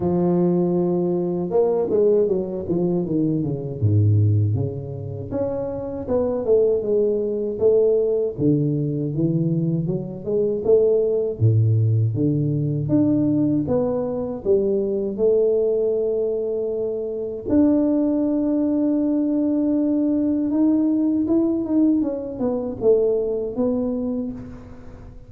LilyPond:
\new Staff \with { instrumentName = "tuba" } { \time 4/4 \tempo 4 = 79 f2 ais8 gis8 fis8 f8 | dis8 cis8 gis,4 cis4 cis'4 | b8 a8 gis4 a4 d4 | e4 fis8 gis8 a4 a,4 |
d4 d'4 b4 g4 | a2. d'4~ | d'2. dis'4 | e'8 dis'8 cis'8 b8 a4 b4 | }